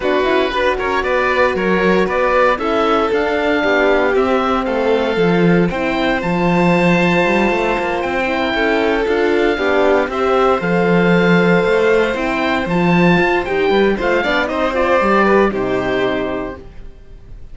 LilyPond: <<
  \new Staff \with { instrumentName = "oboe" } { \time 4/4 \tempo 4 = 116 b'4. cis''8 d''4 cis''4 | d''4 e''4 f''2 | e''4 f''2 g''4 | a''2.~ a''8 g''8~ |
g''4. f''2 e''8~ | e''8 f''2. g''8~ | g''8 a''4. g''4 f''4 | dis''8 d''4. c''2 | }
  \new Staff \with { instrumentName = "violin" } { \time 4/4 fis'4 b'8 ais'8 b'4 ais'4 | b'4 a'2 g'4~ | g'4 a'2 c''4~ | c''1~ |
c''16 ais'16 a'2 g'4 c''8~ | c''1~ | c''2~ c''8 b'8 c''8 d''8 | c''4. b'8 g'2 | }
  \new Staff \with { instrumentName = "horn" } { \time 4/4 d'8 e'8 fis'2.~ | fis'4 e'4 d'2 | c'2 f'4 e'4 | f'1 |
e'4. f'4 d'4 g'8~ | g'8 a'2. e'8~ | e'8 f'4. g'4 f'8 d'8 | dis'8 f'8 g'4 dis'2 | }
  \new Staff \with { instrumentName = "cello" } { \time 4/4 b8 cis'8 d'8 cis'8 b4 fis4 | b4 cis'4 d'4 b4 | c'4 a4 f4 c'4 | f2 g8 a8 ais8 c'8~ |
c'8 cis'4 d'4 b4 c'8~ | c'8 f2 a4 c'8~ | c'8 f4 f'8 dis'8 g8 a8 b8 | c'4 g4 c2 | }
>>